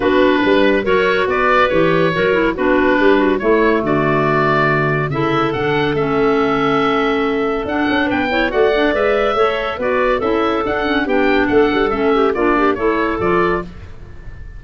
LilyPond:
<<
  \new Staff \with { instrumentName = "oboe" } { \time 4/4 \tempo 4 = 141 b'2 cis''4 d''4 | cis''2 b'2 | cis''4 d''2. | e''4 fis''4 e''2~ |
e''2 fis''4 g''4 | fis''4 e''2 d''4 | e''4 fis''4 g''4 fis''4 | e''4 d''4 cis''4 d''4 | }
  \new Staff \with { instrumentName = "clarinet" } { \time 4/4 fis'4 b'4 ais'4 b'4~ | b'4 ais'4 fis'4 g'8 fis'8 | e'4 fis'2. | a'1~ |
a'2. b'8 cis''8 | d''2 cis''4 b'4 | a'2 g'4 a'4~ | a'8 g'8 f'8 g'8 a'2 | }
  \new Staff \with { instrumentName = "clarinet" } { \time 4/4 d'2 fis'2 | g'4 fis'8 e'8 d'2 | a1 | e'4 d'4 cis'2~ |
cis'2 d'4. e'8 | fis'8 d'8 b'4 a'4 fis'4 | e'4 d'8 cis'8 d'2 | cis'4 d'4 e'4 f'4 | }
  \new Staff \with { instrumentName = "tuba" } { \time 4/4 b4 g4 fis4 b4 | e4 fis4 b4 g4 | a4 d2. | cis4 d4 a2~ |
a2 d'8 cis'8 b4 | a4 gis4 a4 b4 | cis'4 d'4 b4 a8 g8 | a4 ais4 a4 f4 | }
>>